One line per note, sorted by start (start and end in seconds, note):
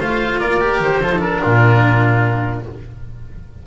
0.00 0.41 A3
0.00 0.61 F4
0.00 0.40 C5
0.00 0.40 F5
0.40 0.80 A#3
0.40 1.02 A#4
0.40 0.81 D5
0.61 1.02 G4
0.80 1.00 D#3
0.80 1.21 C5
1.01 1.42 F3
1.01 1.13 F4
1.01 1.42 A4
1.13 1.19 D#4
1.19 2.62 D4
1.19 2.64 A#4
1.42 2.67 A#2
1.42 2.65 F4